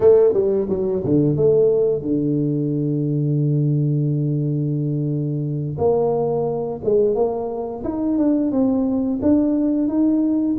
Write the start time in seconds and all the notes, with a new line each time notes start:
0.00 A3
0.33 G3
0.69 F#3
1.04 D3
1.36 A3
2.01 D3
5.78 A#3
6.84 G#3
7.14 A#3
7.84 D#4
8.18 D4
8.51 C4
9.21 D4
9.88 D#4